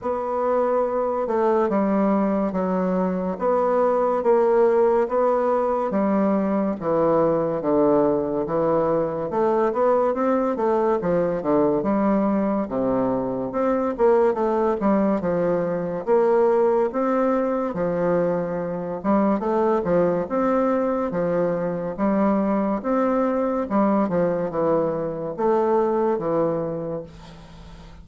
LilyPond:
\new Staff \with { instrumentName = "bassoon" } { \time 4/4 \tempo 4 = 71 b4. a8 g4 fis4 | b4 ais4 b4 g4 | e4 d4 e4 a8 b8 | c'8 a8 f8 d8 g4 c4 |
c'8 ais8 a8 g8 f4 ais4 | c'4 f4. g8 a8 f8 | c'4 f4 g4 c'4 | g8 f8 e4 a4 e4 | }